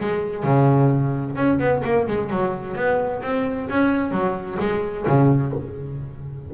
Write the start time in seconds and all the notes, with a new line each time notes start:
0.00 G#3
0.44 C#3
1.36 C#4
1.59 B3
1.84 A#3
2.07 G#3
2.30 F#3
2.76 B3
3.23 C4
3.69 C#4
4.11 F#3
4.60 G#3
5.07 C#3